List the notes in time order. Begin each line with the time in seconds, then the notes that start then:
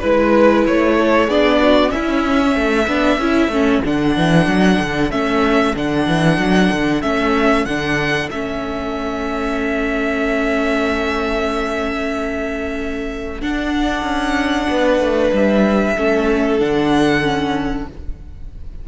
0.00 G#3 E4 B4
0.67 A3 C#5
0.99 A4
1.28 B3 D4 G#4 D5
1.62 F#4
1.90 C#4 E4 E5
2.54 A3 A4
2.88 B3 D4
3.18 C#4 E4
3.48 A3 C#4
3.84 D3 D4 F#5
4.17 E3
4.47 F#3
4.80 D3
5.11 A3 C#4 E5
5.76 D3 D4 F#5
6.07 E3
6.38 F#3
6.72 D3
7.02 A3 C#4 E5
7.65 D3 D4 F#5
8.31 A3 C#4 E5
13.41 D4 F#5
14.03 C#4
14.70 B3 B4
15.00 A3
15.33 G3 E5
15.96 A3 C#4 A4
16.59 D3 D4 F#5
17.22 C#4